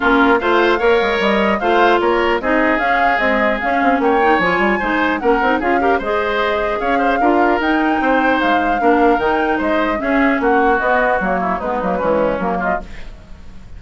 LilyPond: <<
  \new Staff \with { instrumentName = "flute" } { \time 4/4 \tempo 4 = 150 ais'4 f''2 dis''4 | f''4 cis''4 dis''4 f''4 | dis''4 f''4 g''4 gis''4~ | gis''4 fis''4 f''4 dis''4~ |
dis''4 f''2 g''4~ | g''4 f''2 g''4 | dis''4 e''4 fis''4 dis''4 | cis''4 b'2 ais'8 dis''8 | }
  \new Staff \with { instrumentName = "oboe" } { \time 4/4 f'4 c''4 cis''2 | c''4 ais'4 gis'2~ | gis'2 cis''2 | c''4 ais'4 gis'8 ais'8 c''4~ |
c''4 cis''8 c''8 ais'2 | c''2 ais'2 | c''4 gis'4 fis'2~ | fis'8 e'8 dis'4 cis'4. f'8 | }
  \new Staff \with { instrumentName = "clarinet" } { \time 4/4 cis'4 f'4 ais'2 | f'2 dis'4 cis'4 | gis4 cis'4. dis'8 f'4 | dis'4 cis'8 dis'8 f'8 g'8 gis'4~ |
gis'2 f'4 dis'4~ | dis'2 d'4 dis'4~ | dis'4 cis'2 b4 | ais4 b8 ais8 gis4 ais4 | }
  \new Staff \with { instrumentName = "bassoon" } { \time 4/4 ais4 a4 ais8 gis8 g4 | a4 ais4 c'4 cis'4 | c'4 cis'8 c'8 ais4 f8 g8 | gis4 ais8 c'8 cis'4 gis4~ |
gis4 cis'4 d'4 dis'4 | c'4 gis4 ais4 dis4 | gis4 cis'4 ais4 b4 | fis4 gis8 fis8 e4 fis4 | }
>>